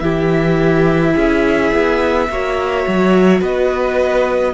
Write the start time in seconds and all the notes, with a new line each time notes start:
0.00 E3 E4 G4 E5
1.14 C#4 G#4
1.72 B3
2.29 A#3 F#4 C#5
2.87 F#3
3.40 B3 B4 D#5